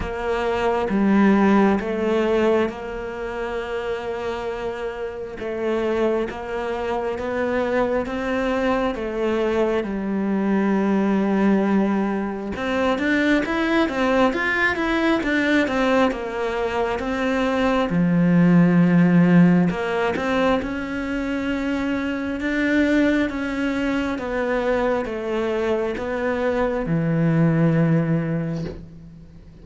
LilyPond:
\new Staff \with { instrumentName = "cello" } { \time 4/4 \tempo 4 = 67 ais4 g4 a4 ais4~ | ais2 a4 ais4 | b4 c'4 a4 g4~ | g2 c'8 d'8 e'8 c'8 |
f'8 e'8 d'8 c'8 ais4 c'4 | f2 ais8 c'8 cis'4~ | cis'4 d'4 cis'4 b4 | a4 b4 e2 | }